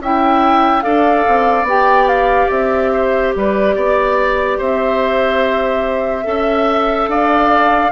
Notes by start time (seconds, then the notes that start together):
0.00 C#4 E4 E5 G5
0.81 D4 A4 D5 F5
1.27 C4
1.63 B3 G4 G5
2.07 F5
2.50 C4 E5
2.92 C5
3.35 G3 B4 D5
3.75 B3 D5
4.57 C4 C5 E5
6.23 C#4 A4 E5
7.07 D4 D5 F5